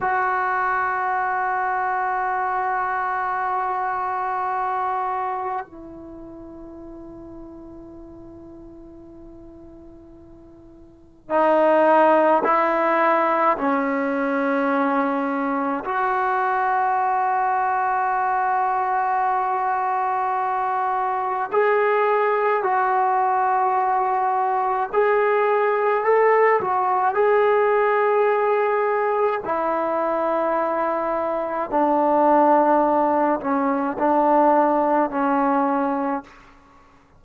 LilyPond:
\new Staff \with { instrumentName = "trombone" } { \time 4/4 \tempo 4 = 53 fis'1~ | fis'4 e'2.~ | e'2 dis'4 e'4 | cis'2 fis'2~ |
fis'2. gis'4 | fis'2 gis'4 a'8 fis'8 | gis'2 e'2 | d'4. cis'8 d'4 cis'4 | }